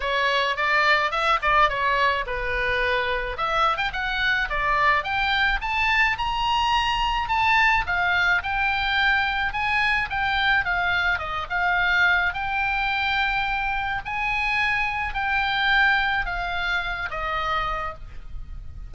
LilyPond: \new Staff \with { instrumentName = "oboe" } { \time 4/4 \tempo 4 = 107 cis''4 d''4 e''8 d''8 cis''4 | b'2 e''8. g''16 fis''4 | d''4 g''4 a''4 ais''4~ | ais''4 a''4 f''4 g''4~ |
g''4 gis''4 g''4 f''4 | dis''8 f''4. g''2~ | g''4 gis''2 g''4~ | g''4 f''4. dis''4. | }